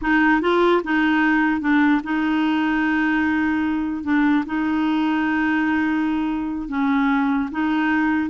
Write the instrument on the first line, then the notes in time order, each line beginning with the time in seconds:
clarinet
0.01 D#4
0.41 F4
0.84 D#4
1.60 D4
2.03 D#4
4.03 D4
4.46 D#4
6.68 C#4
7.51 D#4